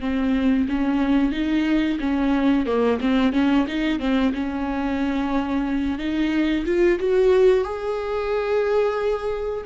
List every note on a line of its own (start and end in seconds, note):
0.00 0.67 C4
0.68 1.32 C#4
1.32 1.98 D#4
1.99 2.66 C#4
2.66 2.99 A#3
3.00 3.32 C4
3.32 3.66 C#4
3.67 3.99 D#4
3.99 4.32 C4
4.34 5.98 C#4
5.98 6.65 D#4
6.65 6.98 F4
6.99 7.64 F#4
7.64 9.64 G#4